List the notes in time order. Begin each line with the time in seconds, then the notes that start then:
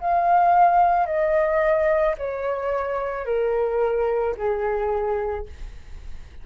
0.00 F5
1.06 D#5
2.17 C#5
3.25 A#4
4.36 G#4